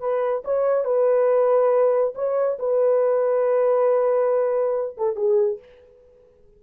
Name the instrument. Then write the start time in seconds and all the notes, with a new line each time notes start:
horn
0.00 B4
0.45 C#5
0.85 B4
2.15 C#5
2.59 B4
4.97 A4
5.16 G#4